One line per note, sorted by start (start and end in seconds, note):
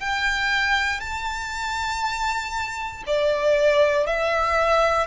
0.00 1.00 G5
1.00 3.04 A5
3.07 4.07 D5
4.07 5.07 E5